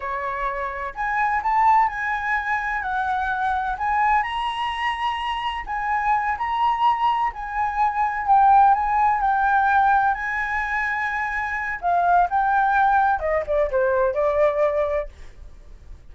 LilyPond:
\new Staff \with { instrumentName = "flute" } { \time 4/4 \tempo 4 = 127 cis''2 gis''4 a''4 | gis''2 fis''2 | gis''4 ais''2. | gis''4. ais''2 gis''8~ |
gis''4. g''4 gis''4 g''8~ | g''4. gis''2~ gis''8~ | gis''4 f''4 g''2 | dis''8 d''8 c''4 d''2 | }